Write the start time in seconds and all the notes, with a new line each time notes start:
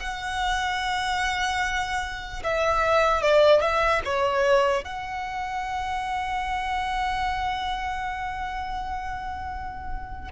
0.00 F#5
2.44 E5
3.22 D5
3.62 E5
4.05 C#5
4.85 F#5